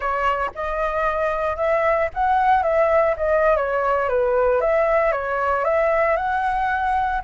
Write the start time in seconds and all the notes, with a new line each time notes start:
0.00 C#5
0.54 D#5
1.56 E5
2.14 F#5
2.62 E5
3.17 D#5
3.56 C#5
4.08 B4
4.60 E5
5.12 C#5
5.64 E5
6.16 F#5